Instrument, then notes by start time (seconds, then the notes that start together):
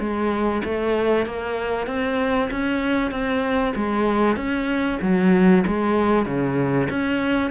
cello
0.00 G#3
0.64 A3
1.26 A#3
1.87 C4
2.51 C#4
3.11 C4
3.76 G#3
4.37 C#4
5.02 F#3
5.67 G#3
6.26 C#3
6.90 C#4